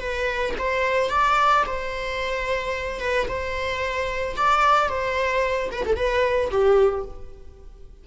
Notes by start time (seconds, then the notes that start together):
0.00 B4
0.58 C5
1.10 D5
1.66 C5
3.00 B4
3.28 C5
4.36 D5
4.89 C5
5.72 B4
5.86 A4
5.96 B4
6.51 G4